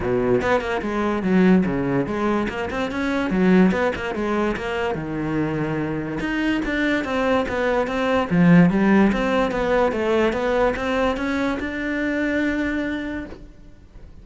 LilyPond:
\new Staff \with { instrumentName = "cello" } { \time 4/4 \tempo 4 = 145 b,4 b8 ais8 gis4 fis4 | cis4 gis4 ais8 c'8 cis'4 | fis4 b8 ais8 gis4 ais4 | dis2. dis'4 |
d'4 c'4 b4 c'4 | f4 g4 c'4 b4 | a4 b4 c'4 cis'4 | d'1 | }